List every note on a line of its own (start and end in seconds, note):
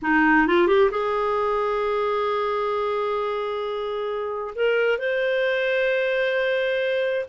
0.01 0.47 D#4
0.47 0.67 F4
0.67 0.90 G4
0.90 4.54 G#4
4.55 4.98 A#4
4.98 7.25 C5